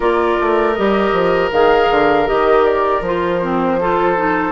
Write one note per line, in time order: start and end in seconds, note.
0.00 0.36 A#3
0.00 0.74 F4
0.00 3.79 A#4
0.00 0.74 D5
0.40 0.78 A3
0.74 1.12 G3
0.74 1.52 G4
0.74 1.50 D#5
1.12 1.50 F3
1.51 1.89 D#3
1.51 2.25 G#4
1.51 2.28 F5
1.90 2.28 D3
2.25 3.00 D#3
2.25 3.01 G4
2.25 2.64 D#5
2.64 3.02 D5
3.00 4.52 F3
3.00 3.42 F4
3.07 4.52 C5
3.42 3.80 C4
3.80 4.16 F4
3.80 4.52 A4
4.16 4.52 D#4